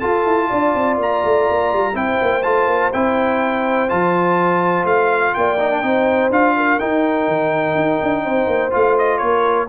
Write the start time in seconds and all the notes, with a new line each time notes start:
0.00 F4 A4 A5
0.26 E4
0.50 D4 D5
0.75 C4
0.98 A#3 A#5
1.25 A3
1.50 A#3
1.73 G3
1.94 C4 E4 C5 G5
2.22 A#3
2.43 A3 F4 A5
2.67 A#3
2.93 C4 E4 G5
3.89 F3 F4 A5
4.85 A3 F5
5.35 A#3 D5 G5
5.60 D#4
5.71 D4
5.83 C4 D#4 C5
6.30 D4 F4 F5
6.57 A#4
6.79 D#4 G5
7.28 D#3
7.75 D#4
8.03 D4
8.24 C4 C5
8.48 A#3
8.71 A3 F4 F5
8.98 D#5
9.18 A#3 A#4 C#5